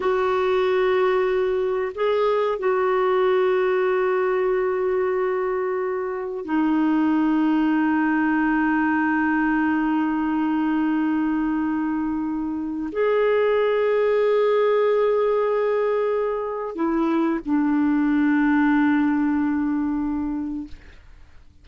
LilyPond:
\new Staff \with { instrumentName = "clarinet" } { \time 4/4 \tempo 4 = 93 fis'2. gis'4 | fis'1~ | fis'2 dis'2~ | dis'1~ |
dis'1 | gis'1~ | gis'2 e'4 d'4~ | d'1 | }